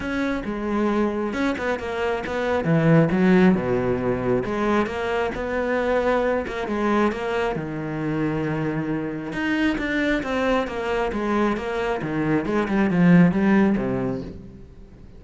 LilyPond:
\new Staff \with { instrumentName = "cello" } { \time 4/4 \tempo 4 = 135 cis'4 gis2 cis'8 b8 | ais4 b4 e4 fis4 | b,2 gis4 ais4 | b2~ b8 ais8 gis4 |
ais4 dis2.~ | dis4 dis'4 d'4 c'4 | ais4 gis4 ais4 dis4 | gis8 g8 f4 g4 c4 | }